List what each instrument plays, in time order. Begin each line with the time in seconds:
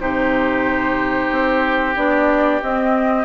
0.00 bassoon C3, clarinet D#4, oboe G4, flute C5
1.30 bassoon C4
1.96 bassoon B3, clarinet D4, flute D5
2.62 clarinet C4, bassoon C4, flute D#5